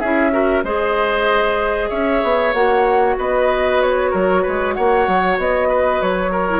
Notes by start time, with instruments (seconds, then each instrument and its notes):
0.00 bassoon C#4, clarinet E4, oboe G#4, flute E5
0.31 clarinet F#4, oboe A#4
0.64 bassoon G#3, clarinet G#4, oboe C5, flute D#5
1.89 bassoon C#4, oboe C#5, flute E5
2.23 bassoon B3
2.53 bassoon A#3, clarinet F#4, flute F#5
3.18 bassoon B3, oboe B4, flute D#5
3.82 flute C#5
4.11 bassoon F#3, oboe A#4
4.42 bassoon G#3, oboe B4
4.74 bassoon A#3, oboe C#5, flute F#5
5.08 bassoon F#3
5.38 bassoon B3, flute D#5
5.69 oboe B4
6.02 bassoon F#3, flute C#5
6.31 oboe A#4
6.49 clarinet E4